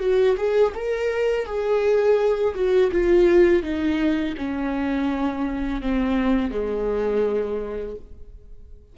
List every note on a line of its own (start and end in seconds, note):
0.00 0.36 F#4
0.37 0.73 G#4
0.75 1.46 A#4
1.46 2.55 G#4
2.55 2.91 F#4
2.92 3.63 F4
3.63 4.35 D#4
4.37 5.82 C#4
5.82 6.51 C4
6.51 7.96 G#3